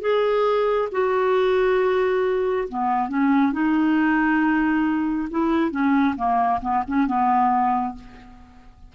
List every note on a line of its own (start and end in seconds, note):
0.00 0.88 G#4
0.91 2.68 F#4
2.68 3.08 B3
3.08 3.52 C#4
3.52 5.28 D#4
5.30 5.71 E4
5.71 6.15 C#4
6.16 6.60 A#3
6.61 6.83 B3
6.87 7.06 C#4
7.06 7.95 B3